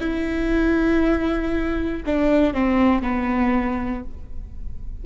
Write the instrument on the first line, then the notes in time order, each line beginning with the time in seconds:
viola
0.00 E4
2.06 D4
2.54 C4
3.02 B3